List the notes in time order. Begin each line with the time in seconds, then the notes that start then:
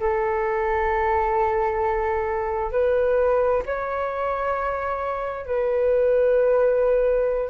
0.00 A4
2.72 B4
3.66 C#5
5.46 B4